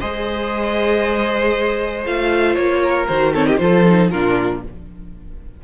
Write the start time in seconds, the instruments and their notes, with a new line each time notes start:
0.00 cello G#3, viola G#4, violin C5 D#5
2.06 cello A3, viola F4, violin F5
2.55 cello A#3, violin C#5
2.84 violin A#4
3.07 cello D#3, viola F#4, violin C5
3.33 viola C4, violin A4 C#5
3.47 violin G4 D#5
3.57 cello F3, viola F4, violin A4 C5
3.87 viola D#4
4.11 cello A#2, viola D4, violin F4 A#4